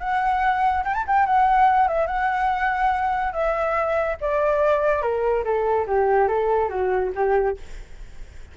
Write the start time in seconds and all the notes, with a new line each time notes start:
0.00 F#5
0.84 G5
0.94 A5
1.07 G5
1.26 F#5
1.88 E5
2.07 F#5
3.33 E5
4.21 D5
5.02 A#4
5.44 A4
5.87 G4
6.28 A4
6.69 F#4
7.15 G4